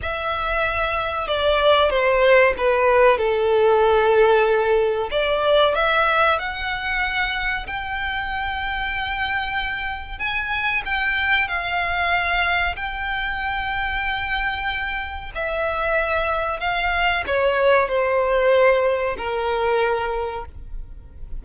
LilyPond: \new Staff \with { instrumentName = "violin" } { \time 4/4 \tempo 4 = 94 e''2 d''4 c''4 | b'4 a'2. | d''4 e''4 fis''2 | g''1 |
gis''4 g''4 f''2 | g''1 | e''2 f''4 cis''4 | c''2 ais'2 | }